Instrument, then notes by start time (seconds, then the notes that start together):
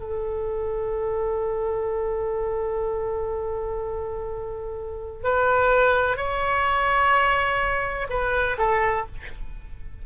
oboe
0.00 A4
5.24 B4
6.17 C#5
8.10 B4
8.58 A4